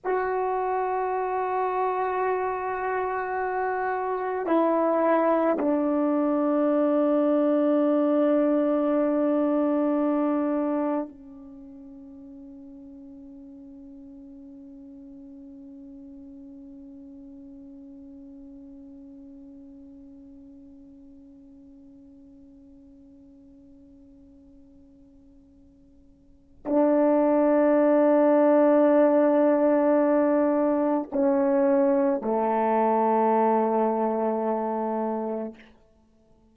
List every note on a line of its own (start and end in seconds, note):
0.04 4.46 F#4
4.46 5.57 E4
5.58 11.08 D4
11.08 26.64 C#4
26.65 31.10 D4
31.12 32.21 C#4
32.21 35.55 A3